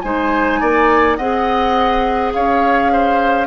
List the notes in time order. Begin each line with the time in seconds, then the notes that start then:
0.00 G#3 D#4 C5 G#5
0.60 A#3 D5
1.16 C4 G#4 D#5 F#5
2.32 C#4 C#5 F5
2.92 C5